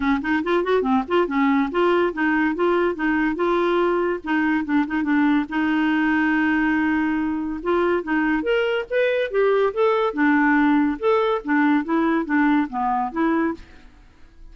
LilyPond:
\new Staff \with { instrumentName = "clarinet" } { \time 4/4 \tempo 4 = 142 cis'8 dis'8 f'8 fis'8 c'8 f'8 cis'4 | f'4 dis'4 f'4 dis'4 | f'2 dis'4 d'8 dis'8 | d'4 dis'2.~ |
dis'2 f'4 dis'4 | ais'4 b'4 g'4 a'4 | d'2 a'4 d'4 | e'4 d'4 b4 e'4 | }